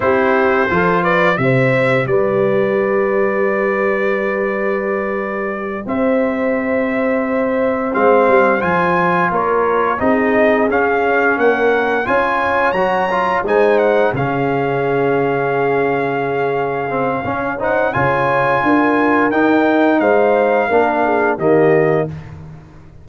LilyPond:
<<
  \new Staff \with { instrumentName = "trumpet" } { \time 4/4 \tempo 4 = 87 c''4. d''8 e''4 d''4~ | d''1~ | d''8 e''2. f''8~ | f''8 gis''4 cis''4 dis''4 f''8~ |
f''8 fis''4 gis''4 ais''4 gis''8 | fis''8 f''2.~ f''8~ | f''4. fis''8 gis''2 | g''4 f''2 dis''4 | }
  \new Staff \with { instrumentName = "horn" } { \time 4/4 g'4 a'8 b'8 c''4 b'4~ | b'1~ | b'8 c''2.~ c''8~ | c''4. ais'4 gis'4.~ |
gis'8 ais'4 cis''2 c''8~ | c''8 gis'2.~ gis'8~ | gis'4 cis''8 c''8 cis''4 ais'4~ | ais'4 c''4 ais'8 gis'8 g'4 | }
  \new Staff \with { instrumentName = "trombone" } { \time 4/4 e'4 f'4 g'2~ | g'1~ | g'2.~ g'8 c'8~ | c'8 f'2 dis'4 cis'8~ |
cis'4. f'4 fis'8 f'8 dis'8~ | dis'8 cis'2.~ cis'8~ | cis'8 c'8 cis'8 dis'8 f'2 | dis'2 d'4 ais4 | }
  \new Staff \with { instrumentName = "tuba" } { \time 4/4 c'4 f4 c4 g4~ | g1~ | g8 c'2. gis8 | g8 f4 ais4 c'4 cis'8~ |
cis'8 ais4 cis'4 fis4 gis8~ | gis8 cis2.~ cis8~ | cis4 cis'4 cis4 d'4 | dis'4 gis4 ais4 dis4 | }
>>